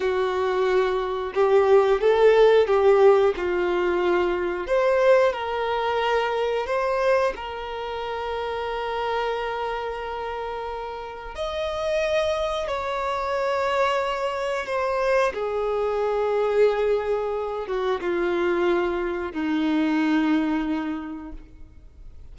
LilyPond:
\new Staff \with { instrumentName = "violin" } { \time 4/4 \tempo 4 = 90 fis'2 g'4 a'4 | g'4 f'2 c''4 | ais'2 c''4 ais'4~ | ais'1~ |
ais'4 dis''2 cis''4~ | cis''2 c''4 gis'4~ | gis'2~ gis'8 fis'8 f'4~ | f'4 dis'2. | }